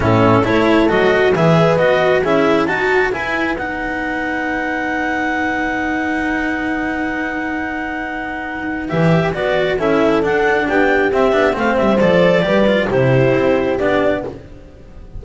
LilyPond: <<
  \new Staff \with { instrumentName = "clarinet" } { \time 4/4 \tempo 4 = 135 a'4 cis''4 dis''4 e''4 | dis''4 e''4 a''4 gis''4 | fis''1~ | fis''1~ |
fis''1 | e''4 d''4 e''4 fis''4 | g''4 e''4 f''8 e''8 d''4~ | d''4 c''2 d''4 | }
  \new Staff \with { instrumentName = "horn" } { \time 4/4 e'4 a'2 b'4~ | b'4 gis'4 fis'4 b'4~ | b'1~ | b'1~ |
b'1~ | b'2 a'2 | g'2 c''2 | b'4 g'2. | }
  \new Staff \with { instrumentName = "cello" } { \time 4/4 cis'4 e'4 fis'4 gis'4 | fis'4 e'4 fis'4 e'4 | dis'1~ | dis'1~ |
dis'1 | g'4 fis'4 e'4 d'4~ | d'4 c'8 d'8 c'4 a'4 | g'8 f'8 e'2 d'4 | }
  \new Staff \with { instrumentName = "double bass" } { \time 4/4 a,4 a4 fis4 e4 | b4 cis'4 dis'4 e'4 | b1~ | b1~ |
b1 | e4 b4 cis'4 d'4 | b4 c'8 b8 a8 g8 f4 | g4 c4 c'4 b4 | }
>>